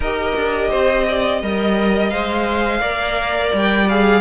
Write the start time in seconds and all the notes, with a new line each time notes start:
0.00 D#4 G4 A#4 D#5
0.35 D4
0.69 C4 C5
1.08 D5
1.41 G3 A#4 D#5
2.09 G#3 C5 F5
2.80 A#3 A#4 D5
3.53 G3 G5
3.89 G#4 F5